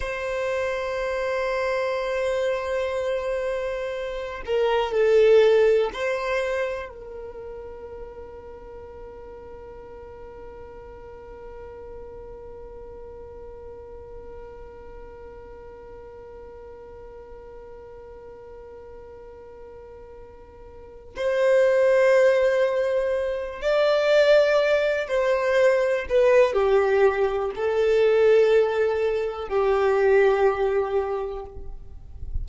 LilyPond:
\new Staff \with { instrumentName = "violin" } { \time 4/4 \tempo 4 = 61 c''1~ | c''8 ais'8 a'4 c''4 ais'4~ | ais'1~ | ais'1~ |
ais'1~ | ais'4. c''2~ c''8 | d''4. c''4 b'8 g'4 | a'2 g'2 | }